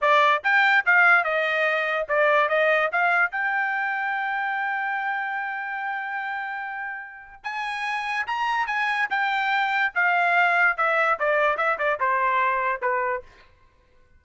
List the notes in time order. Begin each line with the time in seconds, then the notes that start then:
0.01 D5
0.43 G5
0.85 F5
1.24 D#5
2.08 D5
2.48 D#5
2.92 F5
3.31 G5
7.43 G#5
8.27 A#5
8.67 G#5
9.10 G5
9.94 F5
10.77 E5
11.19 D5
11.57 E5
11.78 D5
12.00 C5
12.81 B4